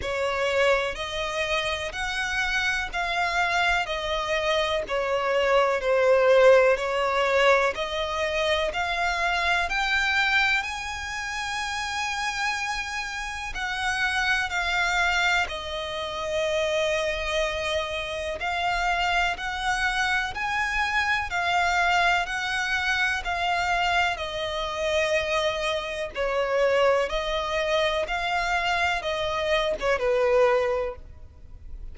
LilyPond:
\new Staff \with { instrumentName = "violin" } { \time 4/4 \tempo 4 = 62 cis''4 dis''4 fis''4 f''4 | dis''4 cis''4 c''4 cis''4 | dis''4 f''4 g''4 gis''4~ | gis''2 fis''4 f''4 |
dis''2. f''4 | fis''4 gis''4 f''4 fis''4 | f''4 dis''2 cis''4 | dis''4 f''4 dis''8. cis''16 b'4 | }